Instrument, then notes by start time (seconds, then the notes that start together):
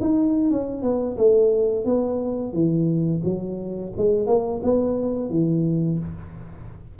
tuba
0.00 D#4
0.50 C#4
0.82 B3
1.17 A3
1.85 B3
2.53 E3
3.24 F#3
3.97 G#3
4.26 A#3
4.63 B3
5.29 E3